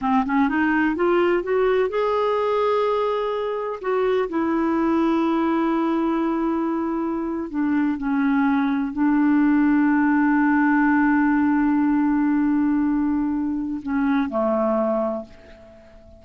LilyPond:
\new Staff \with { instrumentName = "clarinet" } { \time 4/4 \tempo 4 = 126 c'8 cis'8 dis'4 f'4 fis'4 | gis'1 | fis'4 e'2.~ | e'2.~ e'8. d'16~ |
d'8. cis'2 d'4~ d'16~ | d'1~ | d'1~ | d'4 cis'4 a2 | }